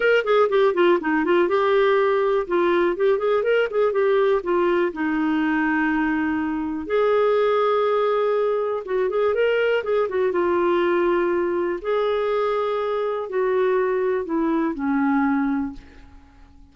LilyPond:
\new Staff \with { instrumentName = "clarinet" } { \time 4/4 \tempo 4 = 122 ais'8 gis'8 g'8 f'8 dis'8 f'8 g'4~ | g'4 f'4 g'8 gis'8 ais'8 gis'8 | g'4 f'4 dis'2~ | dis'2 gis'2~ |
gis'2 fis'8 gis'8 ais'4 | gis'8 fis'8 f'2. | gis'2. fis'4~ | fis'4 e'4 cis'2 | }